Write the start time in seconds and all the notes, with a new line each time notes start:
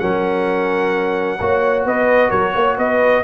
0.00 F#3 C#4 A#4 F#5
1.40 A#3 F#4 C#5
1.86 B3 B4 D#5
2.30 F#3 A#4 C#5
2.55 A#3 C#5
2.78 B3 B4 D#5